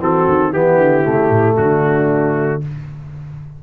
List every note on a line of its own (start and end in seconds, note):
0.00 0.27 E3
0.00 0.54 C4
0.00 0.51 F#4
0.00 0.53 A4
0.28 0.54 D#3
0.51 0.78 E3
0.51 1.04 B3
0.51 1.57 E4
0.51 1.57 G4
0.78 1.04 D3
1.04 1.30 C#3
1.04 2.62 A3
1.30 1.57 A2
1.57 2.63 D3
1.57 2.62 D4
1.57 2.62 F#4